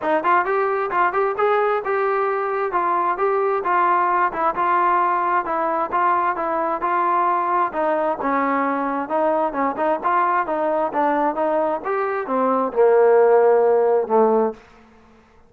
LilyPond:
\new Staff \with { instrumentName = "trombone" } { \time 4/4 \tempo 4 = 132 dis'8 f'8 g'4 f'8 g'8 gis'4 | g'2 f'4 g'4 | f'4. e'8 f'2 | e'4 f'4 e'4 f'4~ |
f'4 dis'4 cis'2 | dis'4 cis'8 dis'8 f'4 dis'4 | d'4 dis'4 g'4 c'4 | ais2. a4 | }